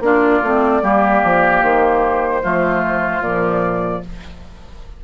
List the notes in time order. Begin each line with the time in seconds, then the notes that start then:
0.00 A#3 D4 F4 D5
0.43 A3 C4
0.82 G3 A#3 G4
1.23 F3
1.62 D#3 C5
2.42 F3 A3 F4
3.20 A#2 F3 D5